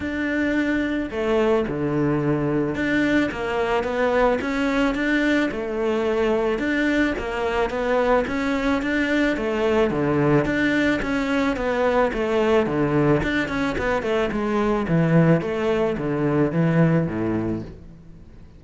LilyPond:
\new Staff \with { instrumentName = "cello" } { \time 4/4 \tempo 4 = 109 d'2 a4 d4~ | d4 d'4 ais4 b4 | cis'4 d'4 a2 | d'4 ais4 b4 cis'4 |
d'4 a4 d4 d'4 | cis'4 b4 a4 d4 | d'8 cis'8 b8 a8 gis4 e4 | a4 d4 e4 a,4 | }